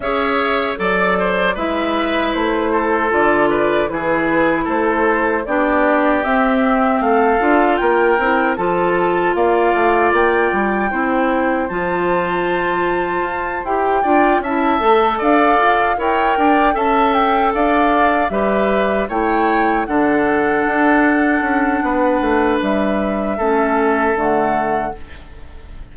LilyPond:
<<
  \new Staff \with { instrumentName = "flute" } { \time 4/4 \tempo 4 = 77 e''4 d''4 e''4 c''4 | d''4 b'4 c''4 d''4 | e''4 f''4 g''4 a''4 | f''4 g''2 a''4~ |
a''4. g''4 a''4 f''8~ | f''8 g''4 a''8 g''8 f''4 e''8~ | e''8 g''4 fis''2~ fis''8~ | fis''4 e''2 fis''4 | }
  \new Staff \with { instrumentName = "oboe" } { \time 4/4 cis''4 d''8 c''8 b'4. a'8~ | a'8 b'8 gis'4 a'4 g'4~ | g'4 a'4 ais'4 a'4 | d''2 c''2~ |
c''2 d''8 e''4 d''8~ | d''8 cis''8 d''8 e''4 d''4 b'8~ | b'8 cis''4 a'2~ a'8 | b'2 a'2 | }
  \new Staff \with { instrumentName = "clarinet" } { \time 4/4 gis'4 a'4 e'2 | f'4 e'2 d'4 | c'4. f'4 e'8 f'4~ | f'2 e'4 f'4~ |
f'4. g'8 f'8 e'8 a'4~ | a'8 ais'4 a'2 g'8~ | g'8 e'4 d'2~ d'8~ | d'2 cis'4 a4 | }
  \new Staff \with { instrumentName = "bassoon" } { \time 4/4 cis'4 fis4 gis4 a4 | d4 e4 a4 b4 | c'4 a8 d'8 ais8 c'8 f4 | ais8 a8 ais8 g8 c'4 f4~ |
f4 f'8 e'8 d'8 cis'8 a8 d'8 | f'8 e'8 d'8 cis'4 d'4 g8~ | g8 a4 d4 d'4 cis'8 | b8 a8 g4 a4 d4 | }
>>